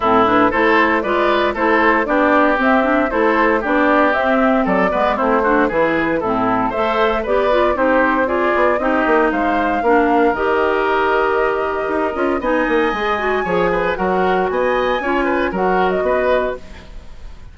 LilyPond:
<<
  \new Staff \with { instrumentName = "flute" } { \time 4/4 \tempo 4 = 116 a'8 b'8 c''4 d''4 c''4 | d''4 e''4 c''4 d''4 | e''4 d''4 c''4 b'4 | a'4 e''4 d''4 c''4 |
d''4 dis''4 f''2 | dis''1 | gis''2. fis''4 | gis''2 fis''8. dis''4~ dis''16 | }
  \new Staff \with { instrumentName = "oboe" } { \time 4/4 e'4 a'4 b'4 a'4 | g'2 a'4 g'4~ | g'4 a'8 b'8 e'8 fis'8 gis'4 | e'4 c''4 b'4 g'4 |
gis'4 g'4 c''4 ais'4~ | ais'1 | dis''2 cis''8 b'8 ais'4 | dis''4 cis''8 b'8 ais'4 b'4 | }
  \new Staff \with { instrumentName = "clarinet" } { \time 4/4 c'8 d'8 e'4 f'4 e'4 | d'4 c'8 d'8 e'4 d'4 | c'4. b8 c'8 d'8 e'4 | c'4 a'4 g'8 f'8 dis'4 |
f'4 dis'2 d'4 | g'2.~ g'8 f'8 | dis'4 gis'8 fis'8 gis'4 fis'4~ | fis'4 f'4 fis'2 | }
  \new Staff \with { instrumentName = "bassoon" } { \time 4/4 a,4 a4 gis4 a4 | b4 c'4 a4 b4 | c'4 fis8 gis8 a4 e4 | a,4 a4 b4 c'4~ |
c'8 b8 c'8 ais8 gis4 ais4 | dis2. dis'8 cis'8 | b8 ais8 gis4 f4 fis4 | b4 cis'4 fis4 b4 | }
>>